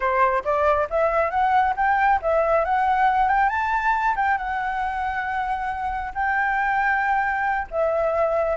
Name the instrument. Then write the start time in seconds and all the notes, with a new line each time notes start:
flute
0.00 C5
0.44 D5
0.90 E5
1.30 F#5
1.76 G5
2.22 E5
2.64 F#5
3.28 G5
3.49 A5
4.15 G5
4.37 F#5
6.14 G5
7.70 E5